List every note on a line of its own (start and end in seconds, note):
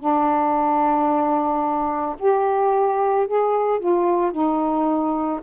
0.00 2.16 D4
2.19 3.28 G4
3.28 3.80 G#4
3.80 4.32 F4
4.32 5.41 D#4